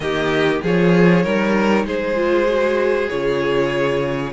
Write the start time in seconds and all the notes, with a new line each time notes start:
0.00 D#3 A#3 G4 D#5
0.62 F3 F4 G#4 C#5
1.23 G3 D#4 A#4
1.84 G#3 G#4 C5
2.15 F4
2.47 F#4
3.09 C#3 F4 C#5